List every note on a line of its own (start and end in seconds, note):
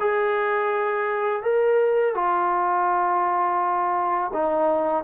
0.00 1.43 G#4
1.43 2.15 A#4
2.15 4.32 F4
4.34 5.04 D#4